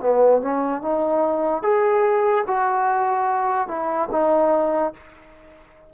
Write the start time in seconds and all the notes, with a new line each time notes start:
0.00 B3
0.41 C#4
0.82 D#4
1.63 G#4
2.47 F#4
3.68 E4
4.11 D#4